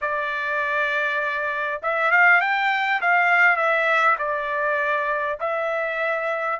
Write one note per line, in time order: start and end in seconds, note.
0.01 1.81 D5
1.82 2.11 E5
2.11 2.41 F5
2.41 3.01 G5
3.01 3.56 F5
3.56 4.16 E5
4.18 5.38 D5
5.39 6.59 E5